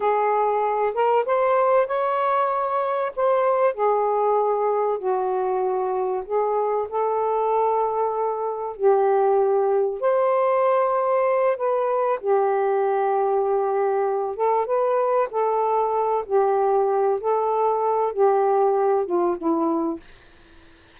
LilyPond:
\new Staff \with { instrumentName = "saxophone" } { \time 4/4 \tempo 4 = 96 gis'4. ais'8 c''4 cis''4~ | cis''4 c''4 gis'2 | fis'2 gis'4 a'4~ | a'2 g'2 |
c''2~ c''8 b'4 g'8~ | g'2. a'8 b'8~ | b'8 a'4. g'4. a'8~ | a'4 g'4. f'8 e'4 | }